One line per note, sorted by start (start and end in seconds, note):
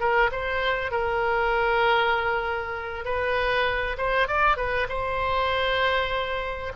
0.00 0.31 A#4
0.32 0.91 C5
0.91 3.05 A#4
3.05 3.97 B4
3.98 4.28 C5
4.28 4.57 D5
4.57 4.88 B4
4.89 6.73 C5